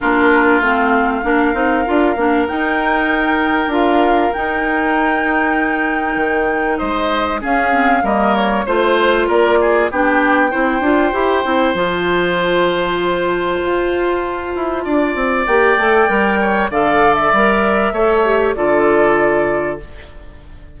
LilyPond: <<
  \new Staff \with { instrumentName = "flute" } { \time 4/4 \tempo 4 = 97 ais'4 f''2. | g''2 f''4 g''4~ | g''2. dis''4 | f''4 dis''8 cis''8 c''4 d''4 |
g''2. a''4~ | a''1~ | a''4 g''2 f''8. e''16~ | e''2 d''2 | }
  \new Staff \with { instrumentName = "oboe" } { \time 4/4 f'2 ais'2~ | ais'1~ | ais'2. c''4 | gis'4 ais'4 c''4 ais'8 gis'8 |
g'4 c''2.~ | c''1 | d''2~ d''8 cis''8 d''4~ | d''4 cis''4 a'2 | }
  \new Staff \with { instrumentName = "clarinet" } { \time 4/4 d'4 c'4 d'8 dis'8 f'8 d'8 | dis'2 f'4 dis'4~ | dis'1 | cis'8 c'8 ais4 f'2 |
d'4 e'8 f'8 g'8 e'8 f'4~ | f'1~ | f'4 g'8 a'8 ais'4 a'4 | ais'4 a'8 g'8 f'2 | }
  \new Staff \with { instrumentName = "bassoon" } { \time 4/4 ais4 a4 ais8 c'8 d'8 ais8 | dis'2 d'4 dis'4~ | dis'2 dis4 gis4 | cis'4 g4 a4 ais4 |
b4 c'8 d'8 e'8 c'8 f4~ | f2 f'4. e'8 | d'8 c'8 ais8 a8 g4 d4 | g4 a4 d2 | }
>>